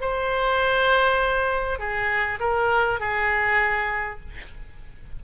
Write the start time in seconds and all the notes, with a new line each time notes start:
0.00 C5
1.79 G#4
2.39 A#4
2.99 G#4